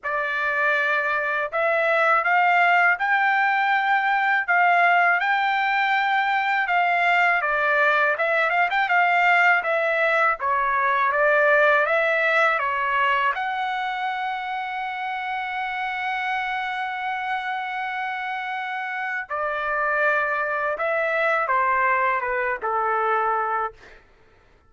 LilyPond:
\new Staff \with { instrumentName = "trumpet" } { \time 4/4 \tempo 4 = 81 d''2 e''4 f''4 | g''2 f''4 g''4~ | g''4 f''4 d''4 e''8 f''16 g''16 | f''4 e''4 cis''4 d''4 |
e''4 cis''4 fis''2~ | fis''1~ | fis''2 d''2 | e''4 c''4 b'8 a'4. | }